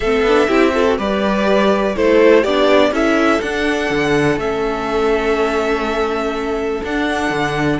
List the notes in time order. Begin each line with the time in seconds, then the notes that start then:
0.00 A3 C4 A4 E5
0.22 B3 D4
0.47 C4 E4 G4
0.73 F4 A4
0.87 F#4
0.97 G3 G4 B4 D5
1.96 A3 E4 A4 C5
2.42 B3 D4 G4 D5
2.90 C#4 E4 A4 E5
3.41 D4 F#5
3.90 D3
4.36 A3 C#4 E5
6.83 D4 F#5
7.30 D3